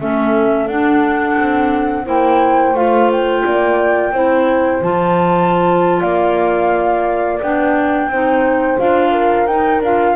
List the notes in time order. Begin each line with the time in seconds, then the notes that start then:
0.00 A3 C#4 A4 E5
0.67 D4 F#5
1.38 C4
2.05 A#3 E4 C5 G5
2.74 A3 F4 F5
3.11 G5
3.45 A#3 D5
4.12 C4 E4 C5
4.82 F3 F4 A5
6.01 A#3 D5 F5
7.42 B3 D4 G5
8.08 C4 D#4 C5
8.79 D4 F4 F5
9.12 A#4
9.47 D#4 G5
9.81 D4 F4 F5